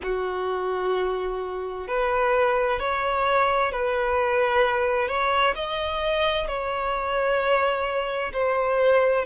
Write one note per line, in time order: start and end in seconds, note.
0.03 1.87 F#4
1.87 2.79 B4
2.79 3.72 C#5
3.72 5.08 B4
5.08 5.54 C#5
5.55 6.47 D#5
6.47 8.32 C#5
8.32 9.25 C5